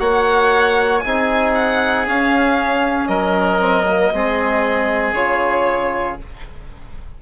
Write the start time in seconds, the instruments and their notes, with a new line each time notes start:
0.00 bassoon A#3, trombone F#4, oboe C#5, violin F#5
0.99 bassoon C4, trombone D#4, oboe G#4, violin G#5
1.55 violin F#5
2.07 trombone C#4, bassoon C#4, violin F5
3.08 bassoon F#3, oboe A#4, violin D#5
3.60 trombone C4
3.88 trombone A#3
4.14 bassoon G#3, trombone C4, oboe G#4
5.13 bassoon C#3, trombone F4, violin C#5